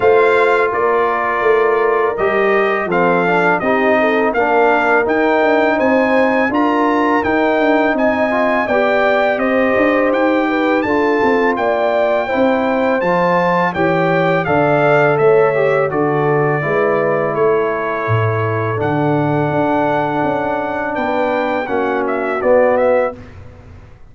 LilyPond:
<<
  \new Staff \with { instrumentName = "trumpet" } { \time 4/4 \tempo 4 = 83 f''4 d''2 dis''4 | f''4 dis''4 f''4 g''4 | gis''4 ais''4 g''4 gis''4 | g''4 dis''4 g''4 a''4 |
g''2 a''4 g''4 | f''4 e''4 d''2 | cis''2 fis''2~ | fis''4 g''4 fis''8 e''8 d''8 e''8 | }
  \new Staff \with { instrumentName = "horn" } { \time 4/4 c''4 ais'2. | a'4 g'8 a'8 ais'2 | c''4 ais'2 dis''4 | d''4 c''4. b'8 a'4 |
d''4 c''2 cis''4 | d''4 cis''4 a'4 b'4 | a'1~ | a'4 b'4 fis'2 | }
  \new Staff \with { instrumentName = "trombone" } { \time 4/4 f'2. g'4 | c'8 d'8 dis'4 d'4 dis'4~ | dis'4 f'4 dis'4. f'8 | g'2. f'4~ |
f'4 e'4 f'4 g'4 | a'4. g'8 fis'4 e'4~ | e'2 d'2~ | d'2 cis'4 b4 | }
  \new Staff \with { instrumentName = "tuba" } { \time 4/4 a4 ais4 a4 g4 | f4 c'4 ais4 dis'8 d'8 | c'4 d'4 dis'8 d'8 c'4 | b4 c'8 d'8 dis'4 d'8 c'8 |
ais4 c'4 f4 e4 | d4 a4 d4 gis4 | a4 a,4 d4 d'4 | cis'4 b4 ais4 b4 | }
>>